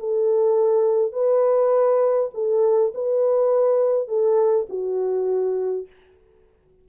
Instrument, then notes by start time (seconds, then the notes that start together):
horn
0.00 A4
1.13 B4
2.34 A4
2.95 B4
4.09 A4
4.70 F#4